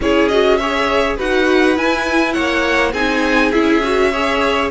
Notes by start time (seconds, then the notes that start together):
0.00 C#4 E4 G#4 C#5
0.28 F#4 D#5
0.57 G#4 C#5 E5
1.16 D#4 F#4 B4 F#5
1.75 E4 G#5
2.32 A#3 C#5 F#5
2.92 C4 D#4 G#4 G#5
3.51 C#4 E4 E5
3.83 F#4
4.12 G#4 C#5